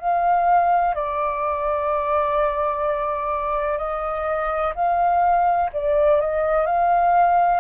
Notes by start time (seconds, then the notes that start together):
0.00 F5
0.94 D5
3.78 D#5
4.75 F5
5.73 D5
6.21 D#5
6.66 F5